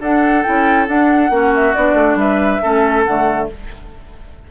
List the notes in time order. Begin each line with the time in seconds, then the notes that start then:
0.00 D4 A4 F#5
0.43 C#4 E4 G5
0.87 D4 F#5
1.30 A#3 C#4 F#4
1.55 E5
1.74 B3 D4 D5
1.94 A3
2.15 G3 B4 E5
2.62 A3 C#4 A4
3.04 D3 A3 F#5